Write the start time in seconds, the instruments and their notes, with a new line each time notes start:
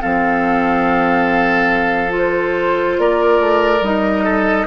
0.00 bassoon F3, clarinet C4, oboe A4, flute F5
2.10 clarinet F4
2.18 flute C5
2.98 bassoon A#3, oboe A#4, flute D5
3.40 bassoon A3
3.81 bassoon G3, clarinet D#4, flute D#5
4.24 oboe A4